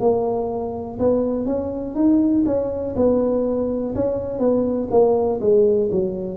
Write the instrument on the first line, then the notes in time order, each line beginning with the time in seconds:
tuba
0.00 A#3
0.99 B3
1.46 C#4
1.95 D#4
2.46 C#4
2.96 B3
3.95 C#4
4.39 B3
4.91 A#3
5.41 G#3
5.92 F#3